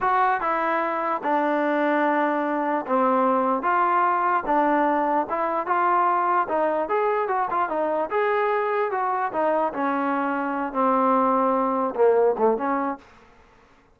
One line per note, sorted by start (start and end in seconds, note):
0.00 0.40 F#4
0.40 1.21 E4
1.23 2.85 D4
2.86 3.62 C4
3.62 4.43 F4
4.45 5.26 D4
5.29 5.66 E4
5.66 6.47 F4
6.48 6.88 D#4
6.88 7.28 G#4
7.28 7.48 F#4
7.50 7.69 F4
7.69 8.09 D#4
8.10 8.91 G#4
8.91 9.31 F#4
9.32 9.72 D#4
9.73 10.72 C#4
10.72 11.94 C4
11.95 12.35 A#3
12.38 12.57 A3
12.57 12.98 C#4